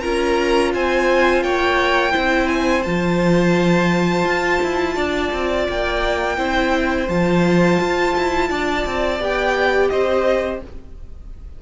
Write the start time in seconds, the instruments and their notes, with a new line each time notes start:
0.00 cello C#4, viola F4, violin A#4 A#5
0.74 cello C4, violin C5 G#5
1.43 cello A#3, violin C#5 G5
2.11 cello C4, viola E4, violin C5
2.48 violin G#5
2.83 cello F3, viola F4, violin A5
4.24 cello F4
4.62 cello E4
4.96 cello D4, violin D5
5.32 cello C4
5.68 cello A#3, violin G5
6.37 cello C4, viola E4, violin C5
7.08 cello F3, viola F4, violin A5
7.80 cello F4
8.17 cello E4
8.49 cello D4, violin D5
8.86 cello C4
9.19 cello B3, viola G4, violin G5
9.89 cello C4, violin C5 D#5